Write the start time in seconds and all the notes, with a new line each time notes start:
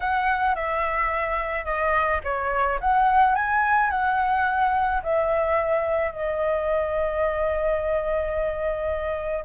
0.00 F#5
0.55 E5
1.64 D#5
2.24 C#5
2.80 F#5
3.35 G#5
3.90 F#5
5.03 E5
6.11 D#5